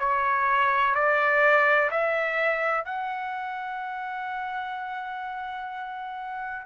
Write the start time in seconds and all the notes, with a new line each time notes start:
0.00 C#5
0.95 D5
1.91 E5
2.85 F#5